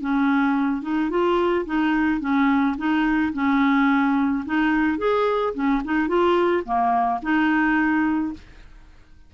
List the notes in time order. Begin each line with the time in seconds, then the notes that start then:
0.00 C#4
0.82 D#4
1.10 F4
1.66 D#4
2.20 C#4
2.77 D#4
3.33 C#4
4.45 D#4
4.98 G#4
5.54 C#4
5.84 D#4
6.08 F4
6.65 A#3
7.22 D#4